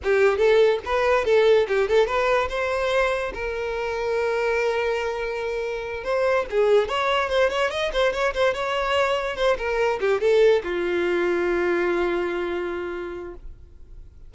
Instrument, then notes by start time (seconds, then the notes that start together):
violin
0.03 G4
0.37 A4
0.85 B4
1.25 A4
1.68 G4
1.88 A4
2.06 B4
2.49 C5
3.34 A#4
6.04 C5
6.50 G#4
6.88 C#5
7.29 C5
7.50 C#5
7.70 D#5
7.92 C5
8.12 C#5
8.34 C5
8.54 C#5
9.36 C5
9.58 A#4
10.00 G4
10.20 A4
10.63 F4